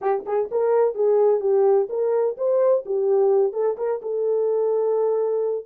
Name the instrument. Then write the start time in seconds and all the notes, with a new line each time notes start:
horn
0.01 G4
0.26 G#4
0.51 A#4
0.94 G#4
1.40 G4
1.89 A#4
2.37 C5
2.85 G4
3.52 A4
3.77 A#4
4.02 A4